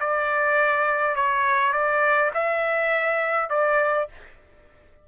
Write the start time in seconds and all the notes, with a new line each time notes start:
0.00 D5
1.15 C#5
1.73 D5
2.34 E5
3.50 D5